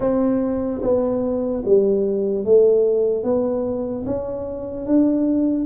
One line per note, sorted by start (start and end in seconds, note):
0.00 0.81 C4
0.82 1.63 B3
1.65 2.45 G3
2.45 3.23 A3
3.23 4.04 B3
4.05 4.86 C#4
4.86 5.65 D4